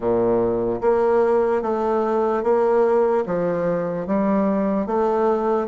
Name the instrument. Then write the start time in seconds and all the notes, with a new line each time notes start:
bassoon
0.00 A#2
0.81 A#3
1.62 A3
2.43 A#3
3.25 F3
4.06 G3
4.86 A3